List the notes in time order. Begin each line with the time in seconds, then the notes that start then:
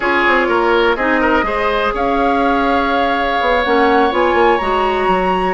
0.00 C#4 F4 G#4 C#5
0.27 C4
0.48 A#3 A#4
0.95 C4 D#4 G#4 D#5
1.20 A#4
1.42 G#3 G#4 C5
1.94 C#4 C#5 F5
3.40 B3
3.63 A#3 C#4 F#5
4.10 B3 F4 G#5
4.33 A#3
4.58 G#3 F#4 A#5
5.07 F#3